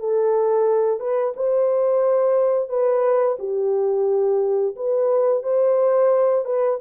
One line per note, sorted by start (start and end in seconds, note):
0.00 1.00 A4
1.00 1.34 B4
1.37 2.69 C5
2.69 3.37 B4
3.39 4.76 G4
4.76 5.43 B4
5.43 6.45 C5
6.45 6.79 B4